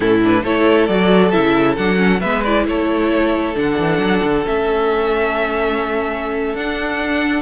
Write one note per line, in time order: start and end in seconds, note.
0.00 0.44 A2
0.00 0.21 C#4
0.00 0.43 E4
0.00 0.22 A4
0.23 0.45 D4
0.23 0.44 B4
0.44 0.88 A3
0.44 0.89 E4
0.44 2.20 A4
0.44 0.86 C#5
0.86 1.33 F#3
0.86 1.32 F#4
0.86 1.31 D5
1.31 1.78 C#3
1.31 1.76 E4
1.31 1.75 E5
1.76 2.22 F#3
1.76 1.96 D4
1.76 2.20 F#5
1.96 2.18 C#4
2.20 2.67 G#3
2.20 2.45 B3
2.20 2.64 B4
2.20 2.42 E5
2.43 3.54 E4
2.43 2.65 D5
2.67 3.56 A3
2.67 7.41 A4
2.67 3.56 C#5
3.54 3.79 D3
3.54 4.43 D4
3.54 4.46 F#5
3.79 3.98 E3
3.98 4.20 F#3
4.24 4.46 D3
4.45 6.54 A3
4.45 6.56 C#4
4.45 6.56 E5
6.54 7.41 D4
6.54 7.41 F#5